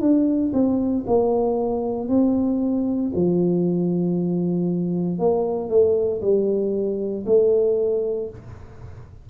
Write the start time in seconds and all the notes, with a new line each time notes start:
0.00 D4
0.53 C4
1.07 A#3
2.08 C4
3.15 F3
5.18 A#3
5.69 A3
6.21 G3
7.26 A3